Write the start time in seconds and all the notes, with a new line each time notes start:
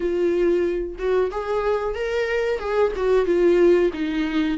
0.00 F4
0.98 F#4
1.31 G#4
1.94 A#4
2.59 G#4
2.96 F#4
3.25 F4
3.93 D#4